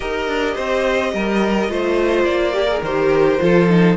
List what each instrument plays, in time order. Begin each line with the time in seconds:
0.00 cello D#4, viola G4, violin A#4 D#5
0.27 cello D4
0.54 cello C4, violin C5
1.13 cello G3, violin A#4
1.68 cello A3, viola F4, violin C5
2.24 cello A#3, violin D5
2.52 viola G4, violin A#4
2.68 viola G#4
2.81 cello D#3, viola G4, violin C5
3.39 cello F3, viola F4, violin A4
3.68 viola D#4